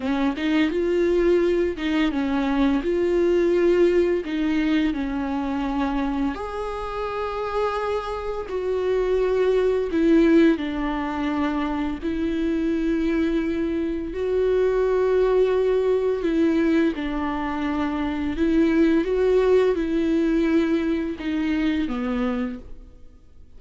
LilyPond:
\new Staff \with { instrumentName = "viola" } { \time 4/4 \tempo 4 = 85 cis'8 dis'8 f'4. dis'8 cis'4 | f'2 dis'4 cis'4~ | cis'4 gis'2. | fis'2 e'4 d'4~ |
d'4 e'2. | fis'2. e'4 | d'2 e'4 fis'4 | e'2 dis'4 b4 | }